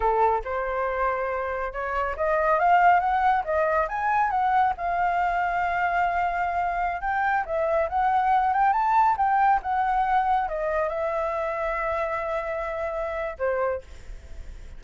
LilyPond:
\new Staff \with { instrumentName = "flute" } { \time 4/4 \tempo 4 = 139 a'4 c''2. | cis''4 dis''4 f''4 fis''4 | dis''4 gis''4 fis''4 f''4~ | f''1~ |
f''16 g''4 e''4 fis''4. g''16~ | g''16 a''4 g''4 fis''4.~ fis''16~ | fis''16 dis''4 e''2~ e''8.~ | e''2. c''4 | }